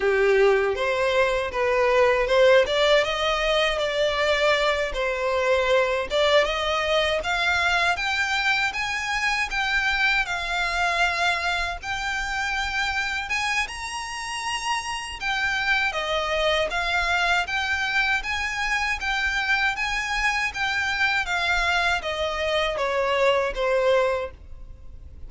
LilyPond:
\new Staff \with { instrumentName = "violin" } { \time 4/4 \tempo 4 = 79 g'4 c''4 b'4 c''8 d''8 | dis''4 d''4. c''4. | d''8 dis''4 f''4 g''4 gis''8~ | gis''8 g''4 f''2 g''8~ |
g''4. gis''8 ais''2 | g''4 dis''4 f''4 g''4 | gis''4 g''4 gis''4 g''4 | f''4 dis''4 cis''4 c''4 | }